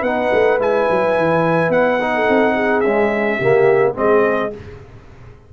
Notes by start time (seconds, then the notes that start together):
0.00 B3 D#4 B4 F#5
0.33 A3
0.59 G#3 E4 G#5
0.90 F#3
1.18 E3
1.69 B3 F#5
2.01 D#4
2.15 A4
2.29 C4
2.55 G#4
2.80 G#3 C#4 E5
3.37 C#3 A#3 G4
3.95 G#3 C4 G#4 D#5